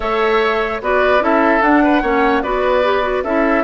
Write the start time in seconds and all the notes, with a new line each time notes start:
0.00 A3 A4 C#5 E5
0.81 B3 F#4 B4 D5
1.19 C#4 E4 A4 E5
1.61 D4 F#5
1.83 B4
2.02 A#3 C#4 C#5
2.42 B3 F#4 B4 D5
2.83 G4
3.02 F#4
3.23 C#4 E4 A4 E5